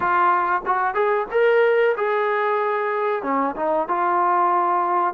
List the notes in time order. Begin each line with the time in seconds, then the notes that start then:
0.00 F4
0.65 F#4
0.94 G#4
1.31 A#4
1.96 G#4
3.23 C#4
3.56 D#4
3.88 F4